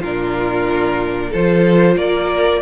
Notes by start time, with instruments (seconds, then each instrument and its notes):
0.00 cello A#2, viola D4, violin F4 A#4
1.30 cello F3, viola F4, violin A4 C5
1.96 cello A#3, violin A#4 D5